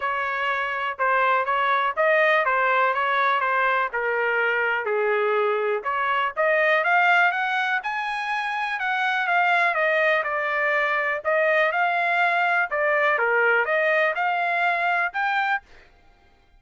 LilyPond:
\new Staff \with { instrumentName = "trumpet" } { \time 4/4 \tempo 4 = 123 cis''2 c''4 cis''4 | dis''4 c''4 cis''4 c''4 | ais'2 gis'2 | cis''4 dis''4 f''4 fis''4 |
gis''2 fis''4 f''4 | dis''4 d''2 dis''4 | f''2 d''4 ais'4 | dis''4 f''2 g''4 | }